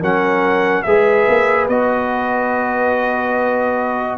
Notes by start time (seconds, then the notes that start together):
0.00 F#3 C#4 A#4 F#5
0.83 G#3 G#4 B4 E5
1.29 A#3
1.68 B3 F#4 D#5